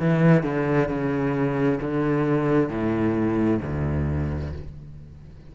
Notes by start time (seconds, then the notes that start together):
0.00 E3
0.43 D3
0.88 C#3
1.81 D3
2.69 A2
3.62 D2